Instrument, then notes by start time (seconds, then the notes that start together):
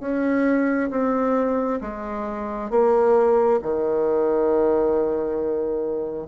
bassoon
0.00 C#4
0.90 C4
1.81 G#3
2.70 A#3
3.62 D#3